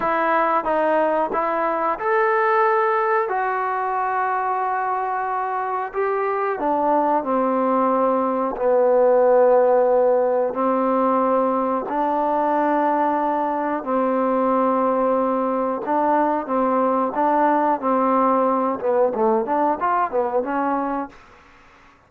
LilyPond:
\new Staff \with { instrumentName = "trombone" } { \time 4/4 \tempo 4 = 91 e'4 dis'4 e'4 a'4~ | a'4 fis'2.~ | fis'4 g'4 d'4 c'4~ | c'4 b2. |
c'2 d'2~ | d'4 c'2. | d'4 c'4 d'4 c'4~ | c'8 b8 a8 d'8 f'8 b8 cis'4 | }